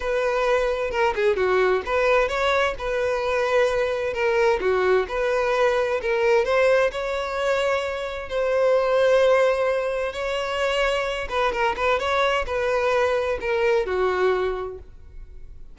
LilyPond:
\new Staff \with { instrumentName = "violin" } { \time 4/4 \tempo 4 = 130 b'2 ais'8 gis'8 fis'4 | b'4 cis''4 b'2~ | b'4 ais'4 fis'4 b'4~ | b'4 ais'4 c''4 cis''4~ |
cis''2 c''2~ | c''2 cis''2~ | cis''8 b'8 ais'8 b'8 cis''4 b'4~ | b'4 ais'4 fis'2 | }